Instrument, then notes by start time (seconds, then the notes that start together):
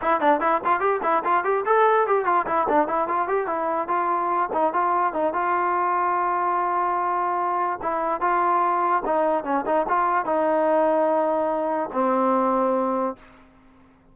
trombone
0.01 E4
0.20 D4
0.40 E4
0.64 F4
0.80 G4
1.02 E4
1.24 F4
1.44 G4
1.65 A4
2.06 G4
2.25 F4
2.46 E4
2.69 D4
2.87 E4
3.07 F4
3.28 G4
3.46 E4
3.88 F4
4.53 D#4
4.73 F4
5.13 D#4
5.33 F4
7.82 E4
8.20 F4
9.05 D#4
9.44 C#4
9.65 D#4
9.88 F4
10.25 D#4
11.92 C4